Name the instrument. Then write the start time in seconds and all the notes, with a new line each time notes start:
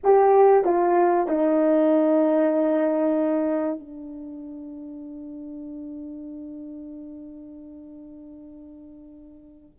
horn
0.03 G4
0.64 F4
1.27 D#4
3.79 D4